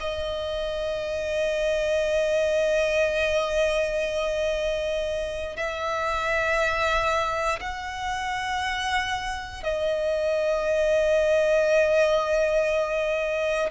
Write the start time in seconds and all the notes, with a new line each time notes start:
0.00 D#5
5.57 E5
7.60 F#5
9.63 D#5